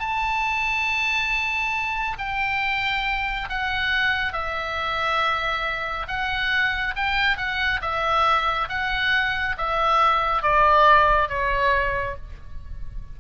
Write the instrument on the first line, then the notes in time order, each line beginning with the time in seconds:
oboe
0.00 A5
2.19 G5
3.50 F#5
4.33 E5
6.08 F#5
6.96 G5
7.38 F#5
7.82 E5
8.70 F#5
9.58 E5
10.43 D5
11.29 C#5